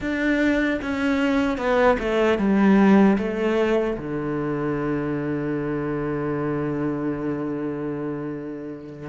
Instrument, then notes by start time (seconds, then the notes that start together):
cello
0.00 D4
0.81 C#4
1.57 B3
1.99 A3
2.38 G3
3.18 A3
3.97 D3